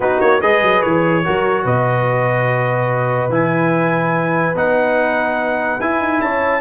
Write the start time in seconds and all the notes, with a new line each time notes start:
0.00 B3 D#4 F#4 B4
0.20 A#3 C#5
0.41 G#3 G#4 B4 D#5
0.62 F#3
0.82 E3 C#5
1.24 F#3 F#4 A#4
1.64 B2 B4 D#5
3.29 E3 E4 G#5
4.55 B3 D#4 F#5
5.80 E4 G#5
5.99 D#4
6.20 C#4 C#5 A5